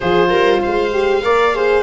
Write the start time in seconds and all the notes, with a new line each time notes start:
0.00 F3 F4 G#4 C5
0.29 G3 A#4
0.60 G#3 C5 F5
0.91 G4
1.23 A#3 A#4 D5
1.54 G#4 C5